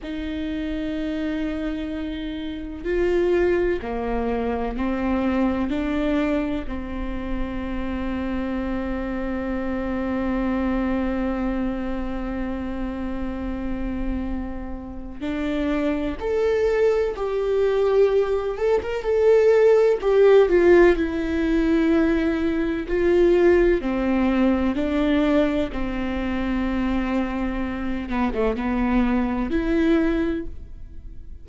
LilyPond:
\new Staff \with { instrumentName = "viola" } { \time 4/4 \tempo 4 = 63 dis'2. f'4 | ais4 c'4 d'4 c'4~ | c'1~ | c'1 |
d'4 a'4 g'4. a'16 ais'16 | a'4 g'8 f'8 e'2 | f'4 c'4 d'4 c'4~ | c'4. b16 a16 b4 e'4 | }